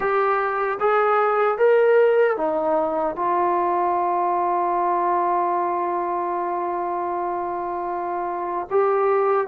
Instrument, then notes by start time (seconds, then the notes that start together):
trombone
0.00 G4
0.79 G#4
1.58 A#4
2.36 D#4
3.15 F4
8.70 G4